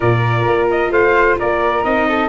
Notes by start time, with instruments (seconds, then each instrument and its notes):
0.00 tuba A#2, viola F4, flute A#4, trumpet D5
0.46 tuba A#3
0.70 trumpet D#5
0.91 tuba A3, flute C5, trumpet F5
1.38 tuba A#3, flute A#4, trumpet D5
1.83 tuba C4, viola D#4, trumpet D#5
2.08 flute A4